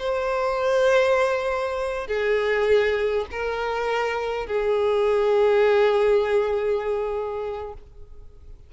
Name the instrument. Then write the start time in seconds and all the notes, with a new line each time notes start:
violin
0.00 C5
2.08 G#4
3.32 A#4
4.47 G#4